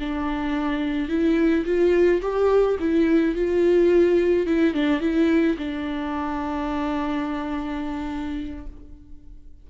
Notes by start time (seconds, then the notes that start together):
0.00 D4
1.09 E4
1.66 F4
2.22 G4
2.80 E4
3.35 F4
4.47 E4
4.74 D4
5.01 E4
5.58 D4